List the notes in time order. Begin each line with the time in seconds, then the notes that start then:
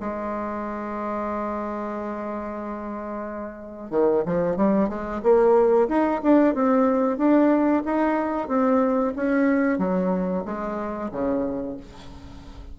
0.00 G#3
3.90 D#3
4.26 F3
4.57 G3
4.89 G#3
5.23 A#3
5.88 D#4
6.23 D4
6.55 C4
7.18 D4
7.85 D#4
8.48 C4
9.16 C#4
9.79 F#3
10.45 G#3
11.12 C#3